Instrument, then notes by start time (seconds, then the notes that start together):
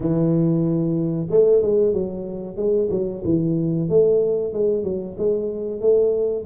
tuba
0.00 E3
1.30 A3
1.62 G#3
1.93 F#3
2.56 G#3
2.90 F#3
3.24 E3
3.89 A3
4.53 G#3
4.83 F#3
5.18 G#3
5.80 A3